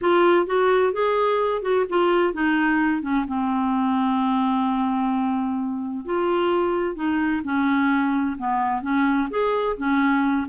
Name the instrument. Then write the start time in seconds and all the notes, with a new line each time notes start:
clarinet
0.01 F4
0.46 F#4
0.92 G#4
1.62 F#4
1.89 F4
2.33 D#4
3.02 C#4
3.27 C4
6.05 F4
6.95 D#4
7.44 C#4
8.38 B3
8.82 C#4
9.30 G#4
9.77 C#4